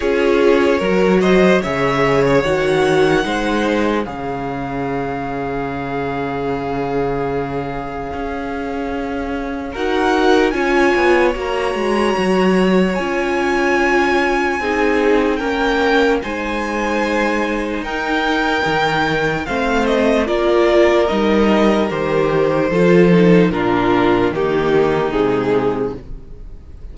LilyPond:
<<
  \new Staff \with { instrumentName = "violin" } { \time 4/4 \tempo 4 = 74 cis''4. dis''8 e''8. cis''16 fis''4~ | fis''4 f''2.~ | f''1 | fis''4 gis''4 ais''2 |
gis''2. g''4 | gis''2 g''2 | f''8 dis''8 d''4 dis''4 c''4~ | c''4 ais'4 g'4 gis'4 | }
  \new Staff \with { instrumentName = "violin" } { \time 4/4 gis'4 ais'8 c''8 cis''2 | c''4 cis''2.~ | cis''1 | ais'4 cis''2.~ |
cis''2 gis'4 ais'4 | c''2 ais'2 | c''4 ais'2. | a'4 f'4 dis'2 | }
  \new Staff \with { instrumentName = "viola" } { \time 4/4 f'4 fis'4 gis'4 fis'4 | dis'4 gis'2.~ | gis'1 | fis'4 f'4 fis'2 |
f'2 dis'4 cis'4 | dis'1 | c'4 f'4 dis'4 g'4 | f'8 dis'8 d'4 ais4 gis4 | }
  \new Staff \with { instrumentName = "cello" } { \time 4/4 cis'4 fis4 cis4 dis4 | gis4 cis2.~ | cis2 cis'2 | dis'4 cis'8 b8 ais8 gis8 fis4 |
cis'2 c'4 ais4 | gis2 dis'4 dis4 | a4 ais4 g4 dis4 | f4 ais,4 dis4 c4 | }
>>